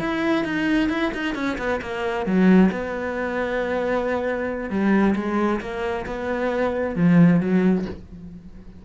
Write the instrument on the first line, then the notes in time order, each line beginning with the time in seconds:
cello
0.00 E4
0.45 D#4
0.89 E4
1.15 D#4
1.35 C#4
1.58 B3
1.82 A#3
2.26 F#3
2.72 B3
4.70 G3
5.16 G#3
5.61 A#3
6.06 B3
6.96 F3
7.41 F#3